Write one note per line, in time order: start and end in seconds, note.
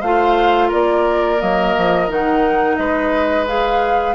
0.00 0.71 A3
0.00 1.38 F4
0.00 0.68 C5
0.00 0.70 F5
0.68 1.41 A#3
0.68 2.75 A#4
0.68 1.41 D5
1.38 1.76 F#3
1.38 2.07 A#3
1.38 2.10 D#5
1.77 2.08 F3
2.08 2.77 D#3
2.08 3.46 D#4
2.08 2.76 F#5
2.76 4.15 G#3
2.76 4.15 B4
2.76 3.45 D#5
3.46 4.15 G#4
3.46 4.15 F5